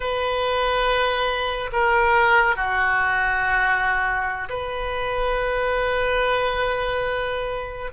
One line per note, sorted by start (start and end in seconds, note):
0.00 1.70 B4
1.72 2.56 A#4
2.56 4.48 F#4
4.49 7.92 B4